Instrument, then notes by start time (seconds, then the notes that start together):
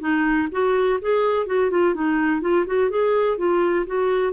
clarinet
0.00 D#4
0.52 F#4
1.01 G#4
1.46 F#4
1.70 F4
1.94 D#4
2.41 F4
2.66 F#4
2.90 G#4
3.38 F4
3.86 F#4